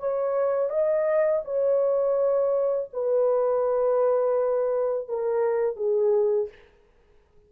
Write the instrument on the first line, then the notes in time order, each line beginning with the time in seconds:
horn
0.00 C#5
0.70 D#5
1.45 C#5
2.93 B4
5.09 A#4
5.77 G#4